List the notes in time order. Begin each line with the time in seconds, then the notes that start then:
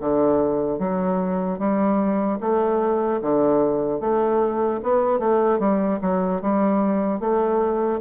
0.00 D3
0.79 F#3
1.59 G3
2.40 A3
3.21 D3
4.00 A3
4.82 B3
5.19 A3
5.59 G3
6.01 F#3
6.41 G3
7.20 A3